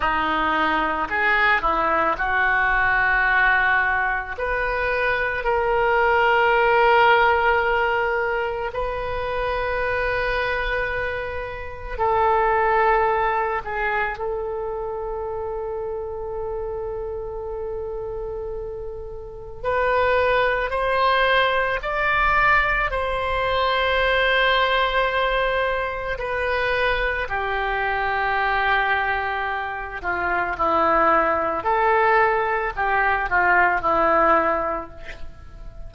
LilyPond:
\new Staff \with { instrumentName = "oboe" } { \time 4/4 \tempo 4 = 55 dis'4 gis'8 e'8 fis'2 | b'4 ais'2. | b'2. a'4~ | a'8 gis'8 a'2.~ |
a'2 b'4 c''4 | d''4 c''2. | b'4 g'2~ g'8 f'8 | e'4 a'4 g'8 f'8 e'4 | }